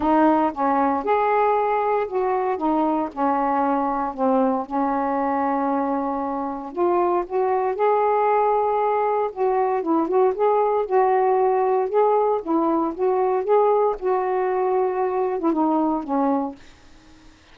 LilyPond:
\new Staff \with { instrumentName = "saxophone" } { \time 4/4 \tempo 4 = 116 dis'4 cis'4 gis'2 | fis'4 dis'4 cis'2 | c'4 cis'2.~ | cis'4 f'4 fis'4 gis'4~ |
gis'2 fis'4 e'8 fis'8 | gis'4 fis'2 gis'4 | e'4 fis'4 gis'4 fis'4~ | fis'4.~ fis'16 e'16 dis'4 cis'4 | }